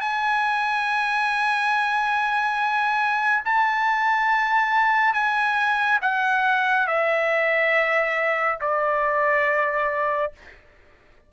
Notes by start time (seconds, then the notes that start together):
0.00 G#5
3.45 A5
5.13 G#5
6.02 F#5
6.87 E5
8.61 D5